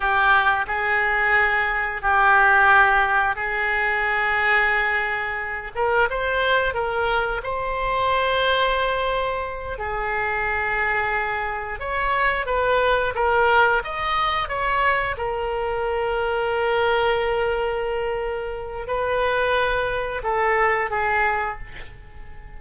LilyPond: \new Staff \with { instrumentName = "oboe" } { \time 4/4 \tempo 4 = 89 g'4 gis'2 g'4~ | g'4 gis'2.~ | gis'8 ais'8 c''4 ais'4 c''4~ | c''2~ c''8 gis'4.~ |
gis'4. cis''4 b'4 ais'8~ | ais'8 dis''4 cis''4 ais'4.~ | ais'1 | b'2 a'4 gis'4 | }